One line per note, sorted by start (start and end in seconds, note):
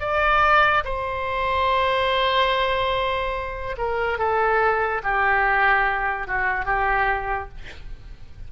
0.00 0.83 D5
0.84 3.76 C5
3.77 4.18 A#4
4.18 5.01 A4
5.03 6.27 G4
6.27 6.65 F#4
6.65 7.48 G4